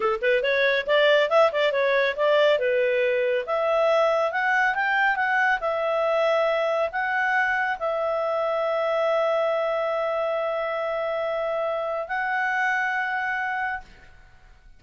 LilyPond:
\new Staff \with { instrumentName = "clarinet" } { \time 4/4 \tempo 4 = 139 a'8 b'8 cis''4 d''4 e''8 d''8 | cis''4 d''4 b'2 | e''2 fis''4 g''4 | fis''4 e''2. |
fis''2 e''2~ | e''1~ | e''1 | fis''1 | }